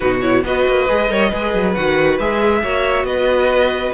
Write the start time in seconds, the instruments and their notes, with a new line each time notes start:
0.00 cello B2, viola D#4, violin F#4 B4
0.21 viola E4, violin C#5
0.44 cello B3, viola F#4, violin B4 D#5
0.67 cello A#3
0.88 cello G#3, viola G#4
1.09 cello G3, viola A#4, violin C#5
1.29 cello G#3, viola G#4, violin B4
1.54 cello F#3
1.73 cello D#3, viola F#4, violin F#5
2.19 cello G#3, viola G#4, violin E5
2.62 cello A#3, viola F#4, violin C#5
3.03 cello B3, violin B4 D#5